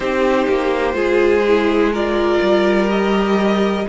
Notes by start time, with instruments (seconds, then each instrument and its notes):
0.00 cello C4, viola D#4, violin G4 C5
0.48 cello A#3
0.93 cello G#3, viola F4, violin G#4
1.48 viola E4
1.92 viola F4, violin A#4 D5
2.41 cello G3
2.88 viola G4, violin D#5